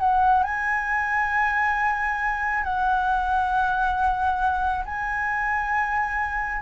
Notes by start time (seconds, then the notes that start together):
0.00 F#5
0.44 G#5
2.64 F#5
4.86 G#5